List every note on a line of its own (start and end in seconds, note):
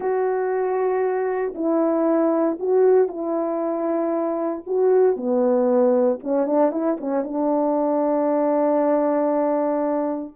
0.00 1.53 F#4
1.54 2.58 E4
2.59 3.08 F#4
3.08 4.63 E4
4.66 5.16 F#4
5.16 6.19 B3
6.23 6.46 C#4
6.46 6.71 D4
6.71 6.97 E4
7.00 7.24 C#4
7.24 10.34 D4